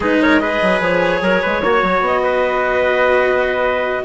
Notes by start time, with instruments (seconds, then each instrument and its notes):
0.00 bassoon G#3, cello D#4, trumpet G#4, clarinet B4
0.22 trumpet A#4, clarinet C#5
0.39 cello G#4, trumpet B4, clarinet D#5
0.62 bassoon F#3
0.80 bassoon F3, clarinet C#5
1.21 bassoon F#3, trumpet A#4
1.41 bassoon G#3, trumpet B4
1.62 bassoon A#3, cello F#4, trumpet C#5
1.82 bassoon F#3
2.00 bassoon B3, clarinet D#5
2.23 trumpet B4